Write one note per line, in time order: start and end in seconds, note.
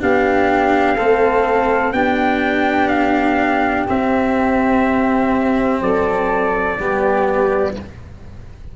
0.00 0.98 B3
0.00 0.97 D4
0.00 0.96 G4
0.00 1.93 F5
0.96 1.92 A3
0.96 1.95 C4
0.96 1.93 A4
1.92 3.86 B3
1.92 3.88 D4
1.92 5.81 G4
1.92 2.88 G5
2.88 3.85 F5
3.88 6.78 C4
3.88 5.81 C4
3.88 5.82 E5
5.81 6.78 F#3
5.81 6.79 A4
5.81 7.76 D5
6.79 7.76 G3
6.79 7.76 B3
6.79 7.75 G4